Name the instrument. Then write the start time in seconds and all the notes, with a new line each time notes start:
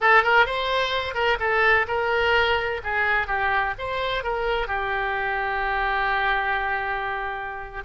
oboe
0.00 A4
0.23 A#4
0.46 C5
1.14 A#4
1.39 A4
1.87 A#4
2.83 G#4
3.27 G4
3.78 C5
4.23 A#4
4.67 G4